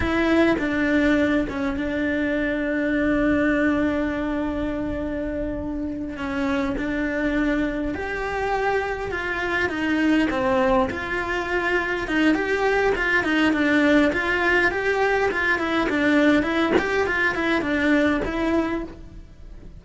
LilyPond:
\new Staff \with { instrumentName = "cello" } { \time 4/4 \tempo 4 = 102 e'4 d'4. cis'8 d'4~ | d'1~ | d'2~ d'8 cis'4 d'8~ | d'4. g'2 f'8~ |
f'8 dis'4 c'4 f'4.~ | f'8 dis'8 g'4 f'8 dis'8 d'4 | f'4 g'4 f'8 e'8 d'4 | e'8 g'8 f'8 e'8 d'4 e'4 | }